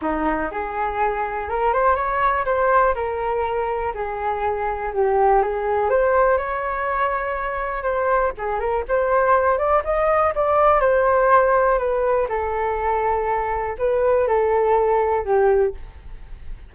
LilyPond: \new Staff \with { instrumentName = "flute" } { \time 4/4 \tempo 4 = 122 dis'4 gis'2 ais'8 c''8 | cis''4 c''4 ais'2 | gis'2 g'4 gis'4 | c''4 cis''2. |
c''4 gis'8 ais'8 c''4. d''8 | dis''4 d''4 c''2 | b'4 a'2. | b'4 a'2 g'4 | }